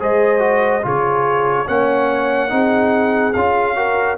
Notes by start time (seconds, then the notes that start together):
0.00 G#3 G#4 C5 D#5
0.40 F#4
0.82 C#3 F4 G#4 C#5
1.67 A#3 C#4 C#5 F#5
2.49 C4 D#4 G#4
3.33 C#4 F4 F5
3.76 F#4 A#4